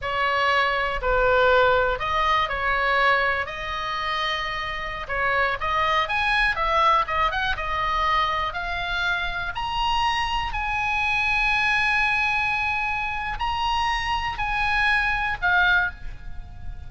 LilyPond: \new Staff \with { instrumentName = "oboe" } { \time 4/4 \tempo 4 = 121 cis''2 b'2 | dis''4 cis''2 dis''4~ | dis''2~ dis''16 cis''4 dis''8.~ | dis''16 gis''4 e''4 dis''8 fis''8 dis''8.~ |
dis''4~ dis''16 f''2 ais''8.~ | ais''4~ ais''16 gis''2~ gis''8.~ | gis''2. ais''4~ | ais''4 gis''2 f''4 | }